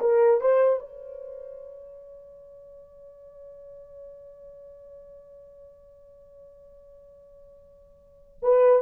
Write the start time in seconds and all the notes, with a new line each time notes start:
0.00 A#4
0.41 C5
0.79 C#5
8.42 B4